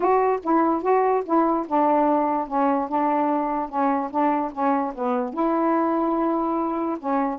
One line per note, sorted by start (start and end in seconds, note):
0.00 0.40 F#4
0.43 0.82 E4
0.82 1.23 F#4
1.25 1.66 E4
1.67 2.47 D4
2.47 2.88 C#4
2.88 3.69 D4
3.69 4.10 C#4
4.10 4.51 D4
4.52 4.93 C#4
4.94 5.33 B3
5.33 6.98 E4
6.99 7.39 C#4